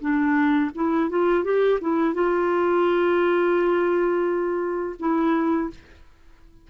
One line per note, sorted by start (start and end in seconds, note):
0.00 0.71 D4
0.75 1.09 E4
1.09 1.44 F4
1.44 1.79 G4
1.80 2.14 E4
2.14 4.96 F4
4.99 5.70 E4